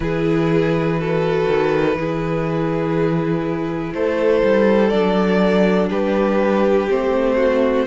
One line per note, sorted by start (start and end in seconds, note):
0.00 1.46 E3
0.00 0.96 E4
0.00 1.00 G#4
0.00 3.93 B4
0.98 1.97 F#4
0.98 1.98 A4
1.48 1.95 D#3
1.95 3.92 E3
1.95 4.92 E4
1.95 3.94 G#4
3.93 4.42 A3
3.93 5.90 A4
3.93 4.89 C5
4.43 4.92 G3
4.89 5.90 F#3
4.89 6.88 D4
4.89 5.87 D5
5.90 6.88 G3
5.90 7.36 G4
5.90 6.89 B4
6.89 7.86 A3
6.89 7.86 C4
6.89 7.86 C5
7.36 7.85 F#4